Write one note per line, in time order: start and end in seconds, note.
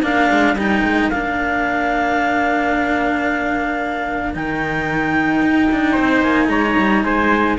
0.00 0.29 A#3
0.00 0.57 D4
0.00 5.92 A#4
0.00 0.57 F5
0.31 0.54 G#3
0.54 0.81 G3
0.54 1.12 D#4
0.54 1.09 G5
0.83 1.10 G#3
1.09 4.35 A#3
1.09 4.34 D4
1.09 4.34 F5
4.34 5.42 D#3
4.34 7.59 D#4
4.34 6.22 G5
5.42 5.69 D#4
5.72 5.99 D4
5.92 6.46 C5
5.99 6.21 C4
6.21 6.48 A#3
6.21 6.49 G#5
6.49 6.76 G#3
6.49 7.04 C#5
6.49 7.03 A#5
6.78 7.04 G3
7.03 7.58 G#3
7.03 7.58 C5
7.03 7.57 G#5